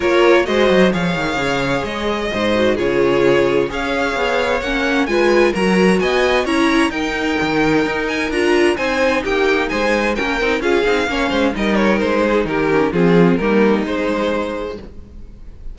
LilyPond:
<<
  \new Staff \with { instrumentName = "violin" } { \time 4/4 \tempo 4 = 130 cis''4 dis''4 f''2 | dis''2 cis''2 | f''2 fis''4 gis''4 | ais''4 gis''4 ais''4 g''4~ |
g''4. gis''8 ais''4 gis''4 | g''4 gis''4 g''4 f''4~ | f''4 dis''8 cis''8 c''4 ais'4 | gis'4 ais'4 c''2 | }
  \new Staff \with { instrumentName = "violin" } { \time 4/4 ais'4 c''4 cis''2~ | cis''4 c''4 gis'2 | cis''2. b'4 | ais'4 dis''4 cis''4 ais'4~ |
ais'2. c''4 | g'4 c''4 ais'4 gis'4 | cis''8 c''8 ais'4. gis'8 g'4 | f'4 dis'2. | }
  \new Staff \with { instrumentName = "viola" } { \time 4/4 f'4 fis'4 gis'2~ | gis'4. fis'8 f'2 | gis'2 cis'4 f'4 | fis'2 e'4 dis'4~ |
dis'2 f'4 dis'4~ | dis'2 cis'8 dis'8 f'8 dis'8 | cis'4 dis'2~ dis'8 cis'8 | c'4 ais4 gis2 | }
  \new Staff \with { instrumentName = "cello" } { \time 4/4 ais4 gis8 fis8 f8 dis8 cis4 | gis4 gis,4 cis2 | cis'4 b4 ais4 gis4 | fis4 b4 cis'4 dis'4 |
dis4 dis'4 d'4 c'4 | ais4 gis4 ais8 c'8 cis'8 c'8 | ais8 gis8 g4 gis4 dis4 | f4 g4 gis2 | }
>>